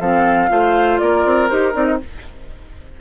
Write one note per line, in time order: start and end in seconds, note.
0.00 0.50 F3
0.00 0.49 C4
0.00 0.50 A4
0.00 0.99 F5
0.49 1.00 A3
0.49 1.49 F4
0.49 1.01 C5
0.99 1.26 A#3
0.99 2.01 A#4
0.99 1.48 D5
1.26 1.50 C4
1.49 1.76 D#4
1.49 1.73 G4
1.49 1.73 C5
1.73 2.00 C4
1.73 1.98 D#4
1.73 1.86 D5
1.86 1.98 D#5